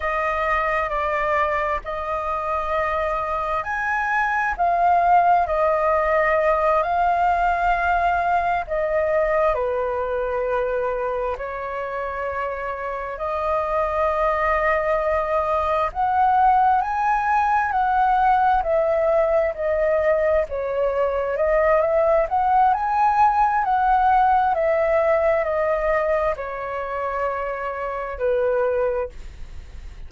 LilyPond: \new Staff \with { instrumentName = "flute" } { \time 4/4 \tempo 4 = 66 dis''4 d''4 dis''2 | gis''4 f''4 dis''4. f''8~ | f''4. dis''4 b'4.~ | b'8 cis''2 dis''4.~ |
dis''4. fis''4 gis''4 fis''8~ | fis''8 e''4 dis''4 cis''4 dis''8 | e''8 fis''8 gis''4 fis''4 e''4 | dis''4 cis''2 b'4 | }